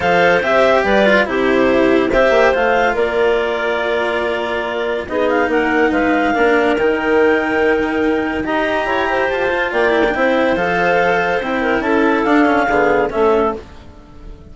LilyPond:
<<
  \new Staff \with { instrumentName = "clarinet" } { \time 4/4 \tempo 4 = 142 f''4 e''4 d''4 c''4~ | c''4 e''4 f''4 d''4~ | d''1 | dis''8 f''8 fis''4 f''2 |
g''1 | ais''2 a''4 g''4~ | g''4 f''2 g''4 | a''4 f''2 e''4 | }
  \new Staff \with { instrumentName = "clarinet" } { \time 4/4 c''2 b'4 g'4~ | g'4 c''2 ais'4~ | ais'1 | gis'4 ais'4 b'4 ais'4~ |
ais'1 | dis''4 cis''8 c''4. d''4 | c''2.~ c''8 ais'8 | a'2 gis'4 a'4 | }
  \new Staff \with { instrumentName = "cello" } { \time 4/4 a'4 g'4. f'8 e'4~ | e'4 g'4 f'2~ | f'1 | dis'2. d'4 |
dis'1 | g'2~ g'8 f'4 e'16 d'16 | e'4 a'2 e'4~ | e'4 d'8 cis'8 b4 cis'4 | }
  \new Staff \with { instrumentName = "bassoon" } { \time 4/4 f4 c'4 g4 c4~ | c4 c'8 ais8 a4 ais4~ | ais1 | b4 ais4 gis4 ais4 |
dis1 | dis'4 e'4 f'4 ais4 | c'4 f2 c'4 | cis'4 d'4 d4 a4 | }
>>